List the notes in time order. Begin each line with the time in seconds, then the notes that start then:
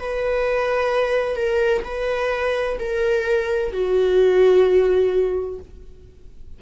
0.00 B4
1.36 A#4
1.85 B4
2.80 A#4
3.72 F#4